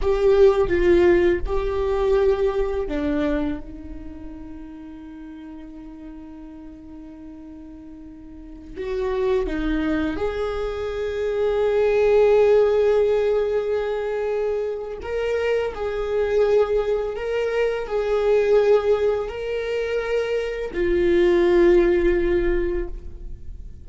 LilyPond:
\new Staff \with { instrumentName = "viola" } { \time 4/4 \tempo 4 = 84 g'4 f'4 g'2 | d'4 dis'2.~ | dis'1~ | dis'16 fis'4 dis'4 gis'4.~ gis'16~ |
gis'1~ | gis'4 ais'4 gis'2 | ais'4 gis'2 ais'4~ | ais'4 f'2. | }